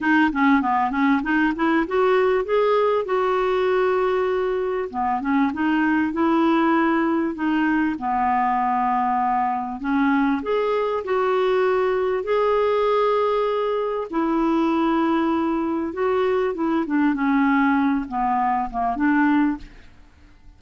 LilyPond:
\new Staff \with { instrumentName = "clarinet" } { \time 4/4 \tempo 4 = 98 dis'8 cis'8 b8 cis'8 dis'8 e'8 fis'4 | gis'4 fis'2. | b8 cis'8 dis'4 e'2 | dis'4 b2. |
cis'4 gis'4 fis'2 | gis'2. e'4~ | e'2 fis'4 e'8 d'8 | cis'4. b4 ais8 d'4 | }